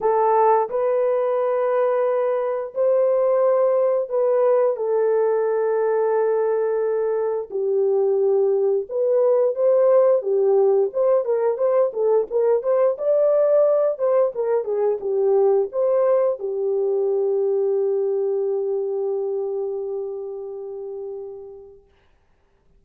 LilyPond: \new Staff \with { instrumentName = "horn" } { \time 4/4 \tempo 4 = 88 a'4 b'2. | c''2 b'4 a'4~ | a'2. g'4~ | g'4 b'4 c''4 g'4 |
c''8 ais'8 c''8 a'8 ais'8 c''8 d''4~ | d''8 c''8 ais'8 gis'8 g'4 c''4 | g'1~ | g'1 | }